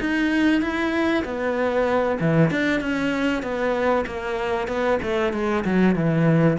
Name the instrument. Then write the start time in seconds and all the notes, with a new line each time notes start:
cello
0.00 D#4
0.61 E4
1.25 B3
2.20 E3
2.51 D4
2.81 C#4
3.43 B3
4.06 A#3
4.68 B3
5.03 A3
5.33 G#3
5.64 F#3
5.95 E3